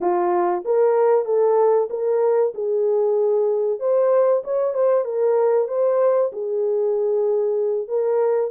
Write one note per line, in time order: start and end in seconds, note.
0.01 0.64 F4
0.65 1.25 A#4
1.25 1.88 A4
1.90 2.53 A#4
2.54 3.79 G#4
3.79 4.42 C5
4.44 4.74 C#5
4.74 5.04 C5
5.04 5.68 A#4
5.68 6.31 C5
6.32 7.88 G#4
7.88 8.51 A#4